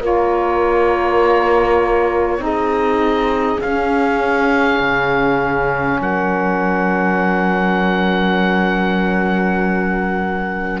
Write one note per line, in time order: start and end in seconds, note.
0.00 2.38 A#3
0.00 2.38 F4
0.00 2.40 A#4
0.00 2.44 C#5
2.38 3.58 C4
2.38 3.58 D#4
2.38 6.02 G#4
2.44 3.61 D#5
3.61 10.80 C#4
3.61 4.79 C#4
3.61 6.01 F5
4.79 5.99 C#3
6.00 10.80 F#3
6.00 10.80 A#4
6.00 10.80 F#5